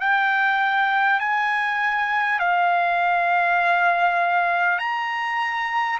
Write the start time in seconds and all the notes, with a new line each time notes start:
0.00 G5
1.19 G#5
2.39 F5
4.79 A#5